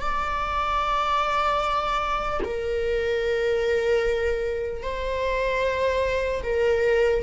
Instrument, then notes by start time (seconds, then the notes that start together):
viola
0.00 D5
2.44 A#4
4.82 C5
6.43 A#4